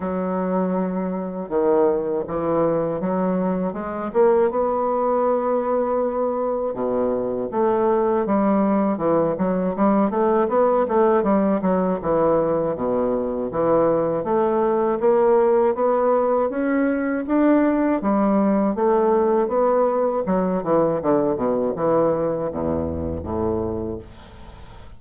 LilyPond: \new Staff \with { instrumentName = "bassoon" } { \time 4/4 \tempo 4 = 80 fis2 dis4 e4 | fis4 gis8 ais8 b2~ | b4 b,4 a4 g4 | e8 fis8 g8 a8 b8 a8 g8 fis8 |
e4 b,4 e4 a4 | ais4 b4 cis'4 d'4 | g4 a4 b4 fis8 e8 | d8 b,8 e4 e,4 a,4 | }